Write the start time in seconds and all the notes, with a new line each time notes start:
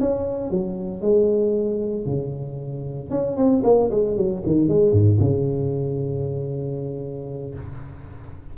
0.00 C#4
0.51 F#3
1.01 G#3
2.06 C#3
3.10 C#4
3.36 C4
3.64 A#3
3.90 G#3
4.16 F#3
4.46 D#3
4.68 G#3
4.92 G#2
5.20 C#3